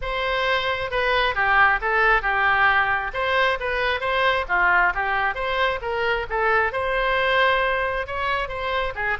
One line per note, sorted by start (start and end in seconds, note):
0.01 0.91 C5
0.91 1.34 B4
1.34 1.79 G4
1.81 2.22 A4
2.22 3.11 G4
3.13 3.58 C5
3.59 4.00 B4
4.00 4.45 C5
4.48 4.93 F4
4.94 5.34 G4
5.34 5.79 C5
5.81 6.26 A#4
6.29 6.72 A4
6.72 8.06 C5
8.06 8.48 C#5
8.48 8.93 C5
8.95 9.17 G#4